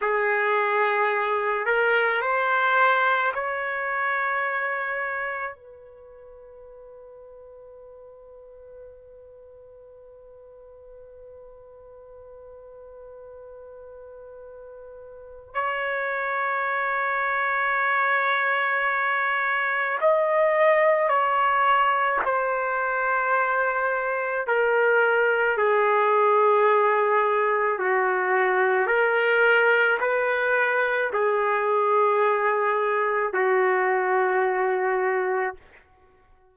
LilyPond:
\new Staff \with { instrumentName = "trumpet" } { \time 4/4 \tempo 4 = 54 gis'4. ais'8 c''4 cis''4~ | cis''4 b'2.~ | b'1~ | b'2 cis''2~ |
cis''2 dis''4 cis''4 | c''2 ais'4 gis'4~ | gis'4 fis'4 ais'4 b'4 | gis'2 fis'2 | }